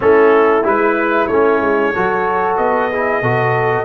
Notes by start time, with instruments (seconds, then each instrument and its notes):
0.00 tuba A3, trombone C#4, horn E4, trumpet A4
0.64 tuba G#3, trombone E4, trumpet B4
1.27 tuba A3, trombone C#4, trumpet C#5
1.60 tuba G#3
1.94 tuba F#3, trombone F#4, horn A4
2.57 tuba B3, trumpet D#5
2.90 trombone E4, horn G#4
3.21 tuba B2, trombone F#4, horn A4